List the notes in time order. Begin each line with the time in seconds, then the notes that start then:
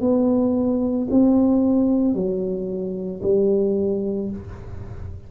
0.00 B3
1.10 C4
2.14 F#3
3.22 G3